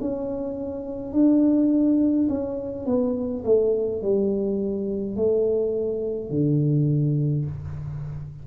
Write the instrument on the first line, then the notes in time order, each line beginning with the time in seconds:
tuba
0.00 C#4
1.12 D4
2.29 C#4
2.85 B3
3.45 A3
4.02 G3
5.16 A3
6.30 D3